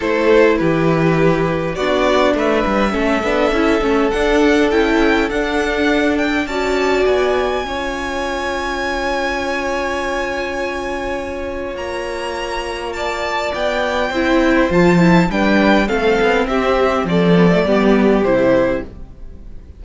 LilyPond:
<<
  \new Staff \with { instrumentName = "violin" } { \time 4/4 \tempo 4 = 102 c''4 b'2 d''4 | e''2. fis''4 | g''4 fis''4. g''8 a''4 | gis''1~ |
gis''1 | ais''2 a''4 g''4~ | g''4 a''4 g''4 f''4 | e''4 d''2 c''4 | }
  \new Staff \with { instrumentName = "violin" } { \time 4/4 a'4 g'2 fis'4 | b'4 a'2.~ | a'2. d''4~ | d''4 cis''2.~ |
cis''1~ | cis''2 d''2 | c''2 b'4 a'4 | g'4 a'4 g'2 | }
  \new Staff \with { instrumentName = "viola" } { \time 4/4 e'2. d'4~ | d'4 cis'8 d'8 e'8 cis'8 d'4 | e'4 d'2 fis'4~ | fis'4 f'2.~ |
f'1~ | f'1 | e'4 f'8 e'8 d'4 c'4~ | c'4. b16 a16 b4 e'4 | }
  \new Staff \with { instrumentName = "cello" } { \time 4/4 a4 e2 b4 | a8 g8 a8 b8 cis'8 a8 d'4 | cis'4 d'2 cis'4 | b4 cis'2.~ |
cis'1 | ais2. b4 | c'4 f4 g4 a8 b8 | c'4 f4 g4 c4 | }
>>